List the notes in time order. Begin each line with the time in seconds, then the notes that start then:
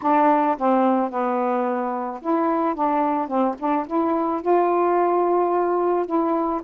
0.02 D4
0.57 C4
1.10 B3
2.21 E4
2.74 D4
3.27 C4
3.58 D4
3.87 E4
4.41 F4
6.06 E4